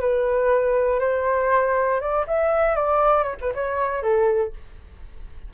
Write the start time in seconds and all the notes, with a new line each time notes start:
0.00 B4
0.99 C5
2.00 D5
2.27 E5
2.75 D5
3.23 C#5
3.40 B4
3.54 C#5
4.02 A4